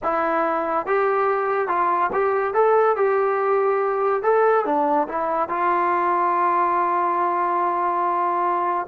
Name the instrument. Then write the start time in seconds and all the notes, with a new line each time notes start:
trombone
0.03 E4
0.86 G4
1.68 F4
2.12 G4
2.54 A4
2.96 G4
4.22 A4
4.65 D4
5.08 E4
5.48 F4